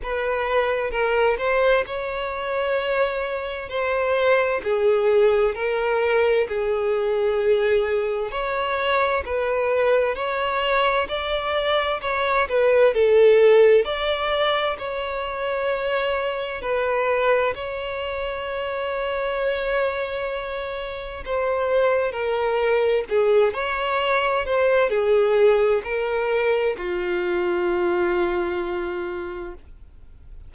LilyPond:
\new Staff \with { instrumentName = "violin" } { \time 4/4 \tempo 4 = 65 b'4 ais'8 c''8 cis''2 | c''4 gis'4 ais'4 gis'4~ | gis'4 cis''4 b'4 cis''4 | d''4 cis''8 b'8 a'4 d''4 |
cis''2 b'4 cis''4~ | cis''2. c''4 | ais'4 gis'8 cis''4 c''8 gis'4 | ais'4 f'2. | }